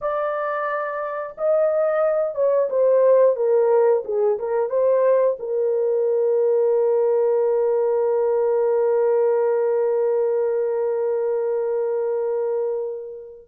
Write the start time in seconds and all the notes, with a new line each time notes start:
0.01 D5
1.37 D#5
2.34 C#5
2.69 C5
3.36 A#4
4.04 G#4
4.39 A#4
4.69 C5
5.39 A#4